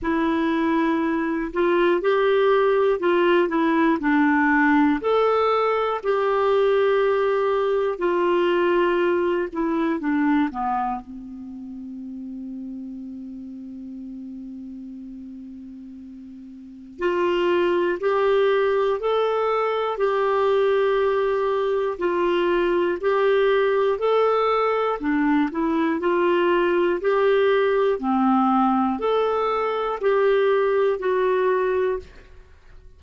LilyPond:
\new Staff \with { instrumentName = "clarinet" } { \time 4/4 \tempo 4 = 60 e'4. f'8 g'4 f'8 e'8 | d'4 a'4 g'2 | f'4. e'8 d'8 b8 c'4~ | c'1~ |
c'4 f'4 g'4 a'4 | g'2 f'4 g'4 | a'4 d'8 e'8 f'4 g'4 | c'4 a'4 g'4 fis'4 | }